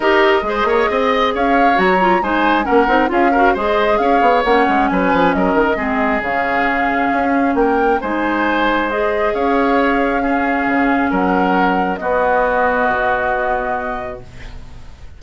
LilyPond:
<<
  \new Staff \with { instrumentName = "flute" } { \time 4/4 \tempo 4 = 135 dis''2. f''4 | ais''4 gis''4 fis''4 f''4 | dis''4 f''4 fis''4 gis''4 | dis''2 f''2~ |
f''4 g''4 gis''2 | dis''4 f''2.~ | f''4 fis''2 dis''4~ | dis''1 | }
  \new Staff \with { instrumentName = "oboe" } { \time 4/4 ais'4 c''8 cis''8 dis''4 cis''4~ | cis''4 c''4 ais'4 gis'8 ais'8 | c''4 cis''2 b'4 | ais'4 gis'2.~ |
gis'4 ais'4 c''2~ | c''4 cis''2 gis'4~ | gis'4 ais'2 fis'4~ | fis'1 | }
  \new Staff \with { instrumentName = "clarinet" } { \time 4/4 g'4 gis'2. | fis'8 f'8 dis'4 cis'8 dis'8 f'8 fis'8 | gis'2 cis'2~ | cis'4 c'4 cis'2~ |
cis'2 dis'2 | gis'2. cis'4~ | cis'2. b4~ | b1 | }
  \new Staff \with { instrumentName = "bassoon" } { \time 4/4 dis'4 gis8 ais8 c'4 cis'4 | fis4 gis4 ais8 c'8 cis'4 | gis4 cis'8 b8 ais8 gis8 fis8 f8 | fis8 dis8 gis4 cis2 |
cis'4 ais4 gis2~ | gis4 cis'2. | cis4 fis2 b4~ | b4 b,2. | }
>>